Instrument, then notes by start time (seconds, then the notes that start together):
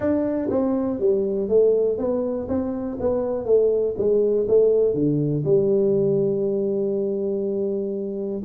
tuba
0.00 D4
0.50 C4
0.99 G3
1.49 A3
1.98 B3
2.48 C4
3.00 B3
3.45 A3
3.97 G#3
4.48 A3
4.94 D3
5.44 G3